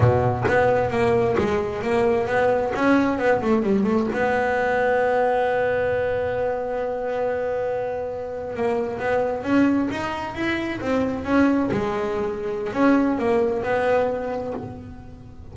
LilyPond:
\new Staff \with { instrumentName = "double bass" } { \time 4/4 \tempo 4 = 132 b,4 b4 ais4 gis4 | ais4 b4 cis'4 b8 a8 | g8 a8 b2.~ | b1~ |
b2~ b8. ais4 b16~ | b8. cis'4 dis'4 e'4 c'16~ | c'8. cis'4 gis2~ gis16 | cis'4 ais4 b2 | }